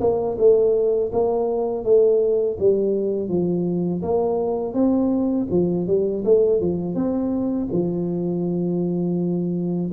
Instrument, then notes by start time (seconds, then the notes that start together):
tuba
0.00 A#3
0.38 A3
1.12 A#3
1.84 A3
2.59 G3
3.29 F3
4.02 A#3
4.73 C4
5.50 F3
5.87 G3
6.24 A3
6.60 F3
6.95 C4
7.72 F3